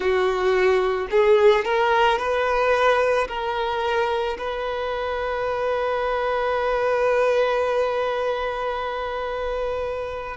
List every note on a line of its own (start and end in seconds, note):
0.00 1.07 F#4
1.10 1.65 G#4
1.65 2.18 A#4
2.18 3.27 B4
3.28 4.37 A#4
4.37 10.36 B4